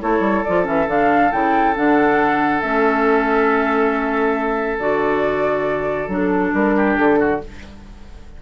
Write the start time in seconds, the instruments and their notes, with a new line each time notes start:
0.00 bassoon A3, clarinet E4, oboe A4, flute C#5
0.20 bassoon G3
0.44 bassoon F3, clarinet F4, flute D5
0.64 bassoon E3, clarinet C#4, flute E5
0.87 bassoon D3, clarinet D4, flute F5
1.32 bassoon C#3, clarinet E4, flute G5
1.75 bassoon D3, clarinet D4, flute F#5
2.61 bassoon A3, clarinet C#4, flute E5
4.79 bassoon D3, clarinet F#4, flute D5
6.07 bassoon F#3, clarinet D4
6.14 flute A4
6.53 bassoon G3, flute A#4
6.76 oboe G4
6.97 bassoon D3, flute A4
7.19 oboe F#4